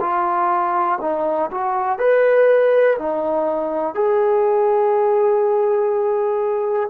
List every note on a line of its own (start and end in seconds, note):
0.00 0.98 F4
1.01 1.50 D#4
1.51 1.98 F#4
1.98 2.96 B4
2.99 3.94 D#4
3.94 6.89 G#4